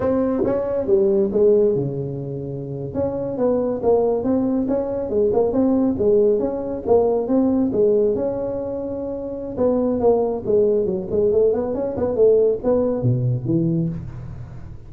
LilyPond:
\new Staff \with { instrumentName = "tuba" } { \time 4/4 \tempo 4 = 138 c'4 cis'4 g4 gis4 | cis2~ cis8. cis'4 b16~ | b8. ais4 c'4 cis'4 gis16~ | gis16 ais8 c'4 gis4 cis'4 ais16~ |
ais8. c'4 gis4 cis'4~ cis'16~ | cis'2 b4 ais4 | gis4 fis8 gis8 a8 b8 cis'8 b8 | a4 b4 b,4 e4 | }